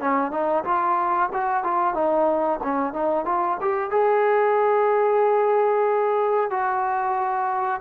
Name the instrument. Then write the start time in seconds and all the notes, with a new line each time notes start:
trombone
0.00 C#4
0.31 D#4
0.65 F4
1.33 F#4
1.64 F4
1.94 D#4
2.63 C#4
2.93 D#4
3.25 F4
3.61 G4
3.91 G#4
6.50 F#4